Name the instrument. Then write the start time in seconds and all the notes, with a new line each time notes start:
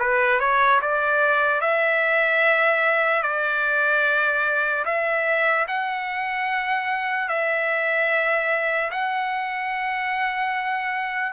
trumpet
0.00 B4
0.40 C#5
0.82 D5
1.61 E5
3.23 D5
4.85 E5
5.68 F#5
7.29 E5
8.92 F#5